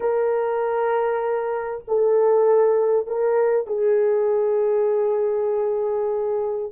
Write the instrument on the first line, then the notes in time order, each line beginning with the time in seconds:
horn
0.00 A#4
1.87 A4
3.06 A#4
3.66 G#4